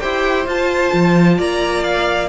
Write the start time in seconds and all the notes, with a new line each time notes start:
0.00 E4 G4 C5 G5
0.44 F4 A5
0.93 F3
1.38 A#3 D5 A#5
1.83 F5